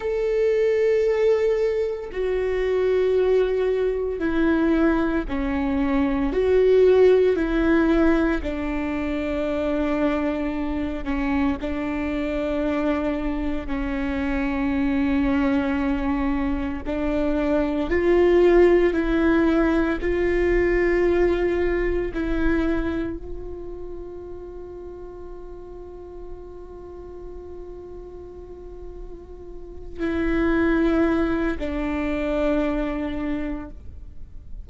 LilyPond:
\new Staff \with { instrumentName = "viola" } { \time 4/4 \tempo 4 = 57 a'2 fis'2 | e'4 cis'4 fis'4 e'4 | d'2~ d'8 cis'8 d'4~ | d'4 cis'2. |
d'4 f'4 e'4 f'4~ | f'4 e'4 f'2~ | f'1~ | f'8 e'4. d'2 | }